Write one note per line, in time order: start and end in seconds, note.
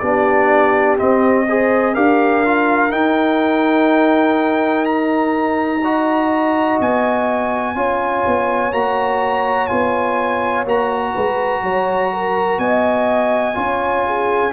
0.00 0.99 B3
0.00 0.98 D4
0.00 1.47 G4
0.00 0.97 D5
0.98 1.47 C4
0.98 1.96 C4
0.98 1.95 D#5
1.48 1.96 G#4
1.48 1.94 C5
1.94 2.93 D4
1.94 2.44 G4
1.94 5.81 A#4
1.94 2.92 F5
2.46 2.91 F4
2.91 5.81 D#4
2.91 6.80 D#4
2.91 4.85 G5
4.85 6.79 A#5
5.82 7.76 F#4
5.82 7.76 D#5
6.80 7.75 B3
6.80 8.73 G#5
7.75 8.24 C#4
7.75 8.73 F4
7.75 11.14 C#5
8.27 8.72 B3
8.72 9.69 A#3
8.72 9.69 F#4
8.72 9.68 A#5
9.68 10.66 B3
9.68 10.66 F4
9.68 10.64 G#5
10.66 11.14 A#3
10.66 13.54 F#4
10.66 12.59 A#5
11.14 11.62 G#3
11.14 11.62 B4
11.62 12.59 F#3
11.62 12.12 C#5
12.13 12.61 A#4
12.59 13.55 B3
12.59 13.57 D#5
12.59 14.53 G#5
13.54 14.53 C#4
13.54 14.51 F4
13.54 14.06 C#5
14.06 14.53 G#4